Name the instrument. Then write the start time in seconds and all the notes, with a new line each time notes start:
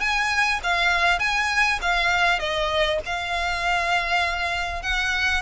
violin
0.00 G#5
0.63 F5
1.19 G#5
1.82 F5
2.39 D#5
3.05 F5
4.82 F#5